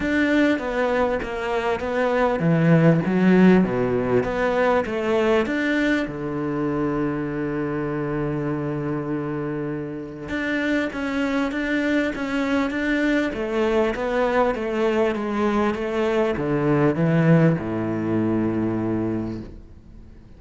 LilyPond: \new Staff \with { instrumentName = "cello" } { \time 4/4 \tempo 4 = 99 d'4 b4 ais4 b4 | e4 fis4 b,4 b4 | a4 d'4 d2~ | d1~ |
d4 d'4 cis'4 d'4 | cis'4 d'4 a4 b4 | a4 gis4 a4 d4 | e4 a,2. | }